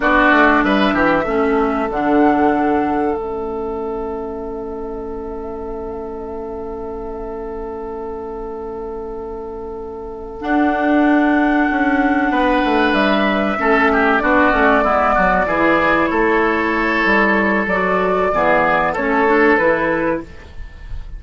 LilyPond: <<
  \new Staff \with { instrumentName = "flute" } { \time 4/4 \tempo 4 = 95 d''4 e''2 fis''4~ | fis''4 e''2.~ | e''1~ | e''1~ |
e''8 fis''2.~ fis''8~ | fis''8 e''2 d''4.~ | d''4. cis''2~ cis''8 | d''2 cis''4 b'4 | }
  \new Staff \with { instrumentName = "oboe" } { \time 4/4 fis'4 b'8 g'8 a'2~ | a'1~ | a'1~ | a'1~ |
a'2.~ a'8 b'8~ | b'4. a'8 g'8 fis'4 e'8 | fis'8 gis'4 a'2~ a'8~ | a'4 gis'4 a'2 | }
  \new Staff \with { instrumentName = "clarinet" } { \time 4/4 d'2 cis'4 d'4~ | d'4 cis'2.~ | cis'1~ | cis'1~ |
cis'8 d'2.~ d'8~ | d'4. cis'4 d'8 cis'8 b8~ | b8 e'2.~ e'8 | fis'4 b4 cis'8 d'8 e'4 | }
  \new Staff \with { instrumentName = "bassoon" } { \time 4/4 b8 a8 g8 e8 a4 d4~ | d4 a2.~ | a1~ | a1~ |
a8 d'2 cis'4 b8 | a8 g4 a4 b8 a8 gis8 | fis8 e4 a4. g4 | fis4 e4 a4 e4 | }
>>